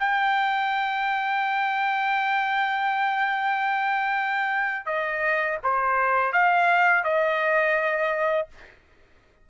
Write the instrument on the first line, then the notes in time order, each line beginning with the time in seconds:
trumpet
0.00 G5
4.86 D#5
5.64 C5
6.33 F5
7.04 D#5